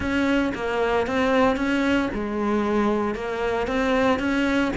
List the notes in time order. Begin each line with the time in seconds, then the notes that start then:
0.00 C#4
0.54 A#3
1.06 C4
1.56 C#4
2.13 G#3
3.15 A#3
3.67 C4
4.19 C#4